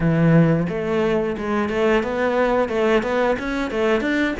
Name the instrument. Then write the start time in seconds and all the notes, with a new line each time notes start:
cello
0.00 E3
0.69 A3
1.37 G#3
1.69 A3
2.03 B3
2.68 A3
3.02 B3
3.38 C#4
3.70 A3
4.01 D4